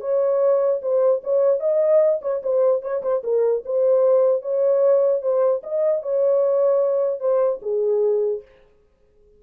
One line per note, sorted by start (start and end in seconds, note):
0.00 0.80 C#5
0.82 1.22 C5
1.23 1.60 C#5
1.60 2.20 D#5
2.21 2.41 C#5
2.43 2.82 C5
2.82 3.02 C#5
3.02 3.22 C5
3.23 3.63 A#4
3.65 4.42 C5
4.42 5.22 C#5
5.22 5.62 C5
5.63 6.02 D#5
6.02 7.20 C#5
7.20 7.60 C5
7.62 8.42 G#4